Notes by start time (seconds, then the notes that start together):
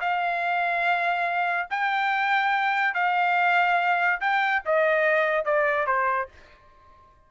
0.00 F5
1.70 G5
2.94 F5
4.21 G5
4.65 D#5
5.45 D5
5.86 C5